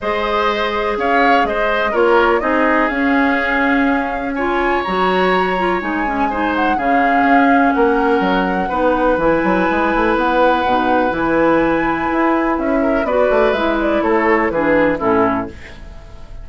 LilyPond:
<<
  \new Staff \with { instrumentName = "flute" } { \time 4/4 \tempo 4 = 124 dis''2 f''4 dis''4 | cis''4 dis''4 f''2~ | f''4 gis''4 ais''2 | gis''4. fis''8 f''2 |
fis''2. gis''4~ | gis''4 fis''2 gis''4~ | gis''2 e''4 d''4 | e''8 d''8 cis''4 b'4 a'4 | }
  \new Staff \with { instrumentName = "oboe" } { \time 4/4 c''2 cis''4 c''4 | ais'4 gis'2.~ | gis'4 cis''2.~ | cis''4 c''4 gis'2 |
ais'2 b'2~ | b'1~ | b'2~ b'8 ais'8 b'4~ | b'4 a'4 gis'4 e'4 | }
  \new Staff \with { instrumentName = "clarinet" } { \time 4/4 gis'1 | f'4 dis'4 cis'2~ | cis'4 f'4 fis'4. f'8 | dis'8 cis'8 dis'4 cis'2~ |
cis'2 dis'4 e'4~ | e'2 dis'4 e'4~ | e'2. fis'4 | e'2 d'4 cis'4 | }
  \new Staff \with { instrumentName = "bassoon" } { \time 4/4 gis2 cis'4 gis4 | ais4 c'4 cis'2~ | cis'2 fis2 | gis2 cis4 cis'4 |
ais4 fis4 b4 e8 fis8 | gis8 a8 b4 b,4 e4~ | e4 e'4 cis'4 b8 a8 | gis4 a4 e4 a,4 | }
>>